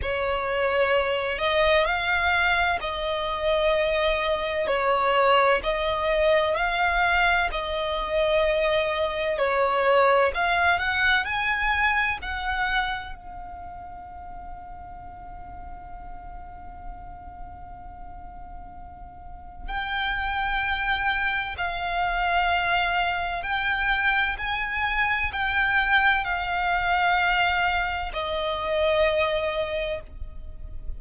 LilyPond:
\new Staff \with { instrumentName = "violin" } { \time 4/4 \tempo 4 = 64 cis''4. dis''8 f''4 dis''4~ | dis''4 cis''4 dis''4 f''4 | dis''2 cis''4 f''8 fis''8 | gis''4 fis''4 f''2~ |
f''1~ | f''4 g''2 f''4~ | f''4 g''4 gis''4 g''4 | f''2 dis''2 | }